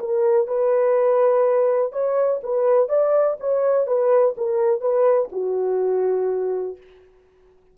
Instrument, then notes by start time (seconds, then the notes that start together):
horn
0.00 A#4
0.48 B4
1.93 C#5
2.44 B4
2.89 D5
3.40 C#5
3.87 B4
4.38 A#4
4.81 B4
5.32 F#4